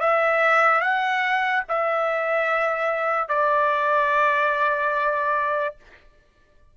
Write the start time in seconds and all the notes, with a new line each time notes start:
0.00 E5
0.81 F#5
1.68 E5
3.29 D5